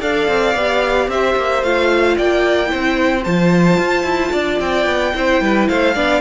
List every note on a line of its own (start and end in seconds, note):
0.00 0.27 D4
0.00 0.54 A4
0.00 1.08 D5
0.00 1.09 F5
0.27 0.54 C4
0.54 1.08 B3
0.54 1.63 G4
1.08 1.35 C4
1.08 2.17 C5
1.08 1.63 E5
1.35 1.62 A#3
1.62 2.16 A3
1.62 2.66 F4
1.62 2.17 F5
2.17 2.72 A#3
2.17 2.70 D5
2.17 3.23 G5
2.66 3.20 E4
2.66 4.31 C5
2.73 3.26 C4
3.23 3.77 F3
3.23 5.14 F4
3.23 4.59 A5
3.77 4.03 F4
4.03 4.30 E4
4.31 4.59 D4
4.31 5.12 D5
4.59 4.85 C4
4.59 5.68 G5
4.85 5.12 B3
5.14 5.41 C4
5.14 5.95 E4
5.14 5.42 C5
5.41 5.68 G3
5.41 5.68 B4
5.68 5.95 A3
5.68 5.94 C5
5.68 6.21 F5
5.94 6.21 B3
5.94 6.21 D4
5.94 6.21 D5